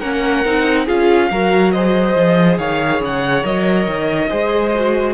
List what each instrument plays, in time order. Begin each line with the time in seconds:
0.00 cello A#3, viola C#4, violin A#4 F#5
0.45 cello C4, viola D#4
0.86 cello C#4, viola F4, violin G#4 F5
1.31 cello F#3, viola F#4, violin A#4
1.72 viola G#4, violin C5 D#5
2.16 cello F3
2.58 cello D#3, violin C#5 F5
3.01 cello C#3, violin F#5
3.43 cello F#3, viola A#4, violin D#5
3.88 cello D#3
4.30 cello G#3, viola G#4, violin C5
4.75 viola F#4